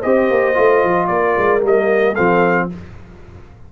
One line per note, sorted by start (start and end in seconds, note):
0.00 0.30 C4
0.00 0.54 G4
0.00 1.07 C5
0.00 1.07 D#5
0.30 0.57 A#3
0.54 0.84 A3
0.54 1.61 F4
0.84 1.09 F3
1.07 1.36 A#3
1.07 2.13 A#4
1.07 1.60 D5
1.37 1.62 G#3
1.61 2.16 G3
1.61 2.15 A#3
1.61 2.15 D#5
2.13 2.72 F3
2.13 2.70 C4
2.13 2.67 A4
2.13 2.69 F5